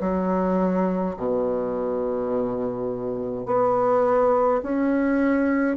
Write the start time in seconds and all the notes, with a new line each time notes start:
0.00 F#3
1.16 B2
3.46 B3
4.62 C#4